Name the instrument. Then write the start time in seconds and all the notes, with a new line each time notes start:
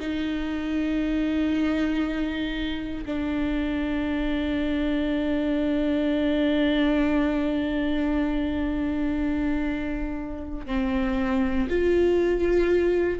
viola
0.00 D#4
3.06 D4
10.67 C4
11.69 F4